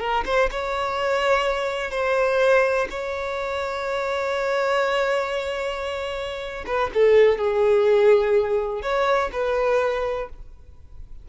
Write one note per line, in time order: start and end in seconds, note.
0.00 0.24 A#4
0.25 0.49 C5
0.51 1.91 C#5
1.91 2.87 C5
2.90 6.65 C#5
6.66 6.91 B4
6.94 7.38 A4
7.38 8.82 G#4
8.82 9.30 C#5
9.32 10.29 B4